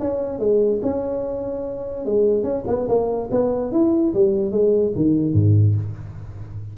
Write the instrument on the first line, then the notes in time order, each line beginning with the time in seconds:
tuba
0.00 C#4
0.39 G#3
0.83 C#4
2.06 G#3
2.44 C#4
2.67 B3
2.88 A#3
3.31 B3
3.72 E4
4.14 G3
4.52 G#3
4.96 D#3
5.34 G#2